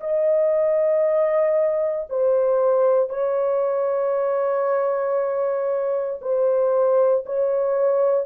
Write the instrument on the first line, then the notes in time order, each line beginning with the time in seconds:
horn
0.00 D#5
2.09 C5
3.09 C#5
6.21 C5
7.26 C#5